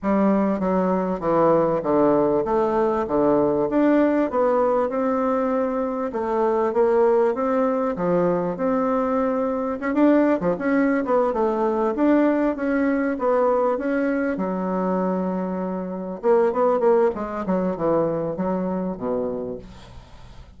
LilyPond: \new Staff \with { instrumentName = "bassoon" } { \time 4/4 \tempo 4 = 98 g4 fis4 e4 d4 | a4 d4 d'4 b4 | c'2 a4 ais4 | c'4 f4 c'2 |
cis'16 d'8. f16 cis'8. b8 a4 d'8~ | d'8 cis'4 b4 cis'4 fis8~ | fis2~ fis8 ais8 b8 ais8 | gis8 fis8 e4 fis4 b,4 | }